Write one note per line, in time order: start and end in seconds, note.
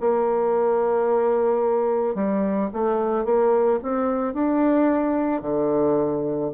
0.00 2.15 A#3
2.15 2.69 G3
2.73 3.25 A3
3.25 3.79 A#3
3.82 4.33 C4
4.33 5.41 D4
5.41 6.51 D3